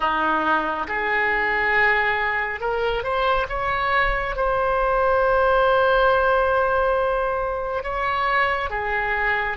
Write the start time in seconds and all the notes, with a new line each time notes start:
0.00 D#4
0.87 G#4
2.60 A#4
3.03 C5
3.49 C#5
4.36 C5
7.83 C#5
8.70 G#4